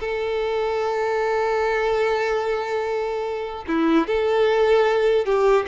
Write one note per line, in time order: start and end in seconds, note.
0.00 3.65 A4
3.67 4.07 E4
4.07 5.26 A4
5.26 5.66 G4